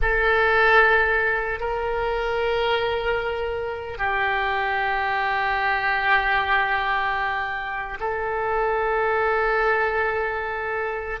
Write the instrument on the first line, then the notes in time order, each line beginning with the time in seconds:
oboe
0.01 A4
1.60 A#4
3.98 G4
8.00 A4